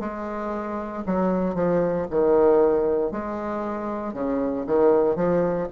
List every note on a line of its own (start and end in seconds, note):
0.00 1.03 G#3
1.06 1.55 F#3
1.55 2.06 F3
2.10 3.11 D#3
3.11 4.13 G#3
4.13 4.65 C#3
4.66 5.16 D#3
5.16 5.68 F3